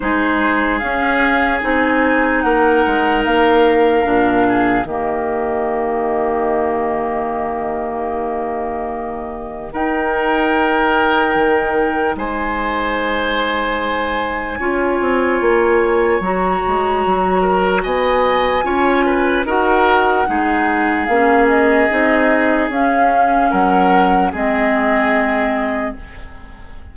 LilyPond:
<<
  \new Staff \with { instrumentName = "flute" } { \time 4/4 \tempo 4 = 74 c''4 f''4 gis''4 fis''4 | f''2 dis''2~ | dis''1 | g''2. gis''4~ |
gis''1 | ais''2 gis''2 | fis''2 f''8 dis''4. | f''4 fis''4 dis''2 | }
  \new Staff \with { instrumentName = "oboe" } { \time 4/4 gis'2. ais'4~ | ais'4. gis'8 g'2~ | g'1 | ais'2. c''4~ |
c''2 cis''2~ | cis''4. ais'8 dis''4 cis''8 b'8 | ais'4 gis'2.~ | gis'4 ais'4 gis'2 | }
  \new Staff \with { instrumentName = "clarinet" } { \time 4/4 dis'4 cis'4 dis'2~ | dis'4 d'4 ais2~ | ais1 | dis'1~ |
dis'2 f'2 | fis'2. f'4 | fis'4 dis'4 cis'4 dis'4 | cis'2 c'2 | }
  \new Staff \with { instrumentName = "bassoon" } { \time 4/4 gis4 cis'4 c'4 ais8 gis8 | ais4 ais,4 dis2~ | dis1 | dis'2 dis4 gis4~ |
gis2 cis'8 c'8 ais4 | fis8 gis8 fis4 b4 cis'4 | dis'4 gis4 ais4 c'4 | cis'4 fis4 gis2 | }
>>